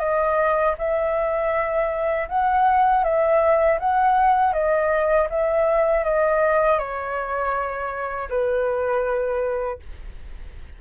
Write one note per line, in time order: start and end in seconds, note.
0.00 0.75 D#5
0.78 2.28 E5
2.29 3.04 F#5
3.04 3.79 E5
3.80 4.53 F#5
4.53 5.28 D#5
5.30 6.05 E5
6.05 6.79 D#5
6.79 8.29 C#5
8.30 9.80 B4